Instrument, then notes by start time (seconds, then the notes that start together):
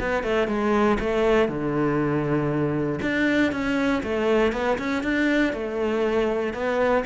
cello
0.00 B3
0.23 A3
0.47 G#3
0.99 A3
1.48 D3
3.02 D4
3.52 C#4
4.03 A3
4.53 B3
4.79 C#4
5.03 D4
5.53 A3
6.53 B3